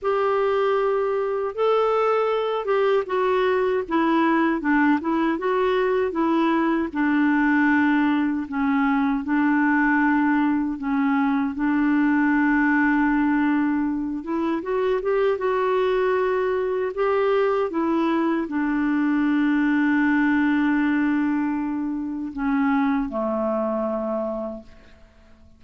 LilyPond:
\new Staff \with { instrumentName = "clarinet" } { \time 4/4 \tempo 4 = 78 g'2 a'4. g'8 | fis'4 e'4 d'8 e'8 fis'4 | e'4 d'2 cis'4 | d'2 cis'4 d'4~ |
d'2~ d'8 e'8 fis'8 g'8 | fis'2 g'4 e'4 | d'1~ | d'4 cis'4 a2 | }